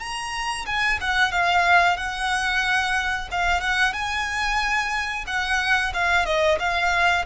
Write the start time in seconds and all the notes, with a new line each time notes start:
0.00 A#5
0.67 G#5
1.01 F#5
1.32 F5
1.97 F#5
3.31 F5
3.61 F#5
3.94 G#5
5.27 F#5
5.94 F5
6.26 D#5
6.60 F5